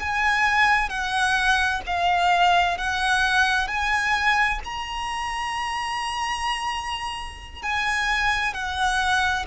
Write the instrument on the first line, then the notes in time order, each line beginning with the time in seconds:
violin
0.00 G#5
0.89 F#5
1.87 F5
2.78 F#5
3.68 G#5
4.64 A#5
7.62 G#5
8.54 F#5